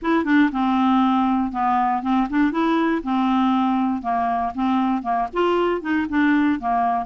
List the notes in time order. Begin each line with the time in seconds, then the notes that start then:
0.02 E4
0.25 D4
0.52 C4
1.52 B3
2.02 C4
2.29 D4
2.51 E4
3.03 C4
4.02 A#3
4.54 C4
5.02 A#3
5.33 F4
5.81 D#4
6.09 D4
6.59 A#3